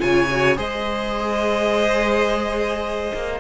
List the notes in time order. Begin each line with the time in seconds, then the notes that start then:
0.00 C#3 F4 C#5 G#5
0.31 F#4
0.57 G#3 G#4 C5 D#5
3.14 A#3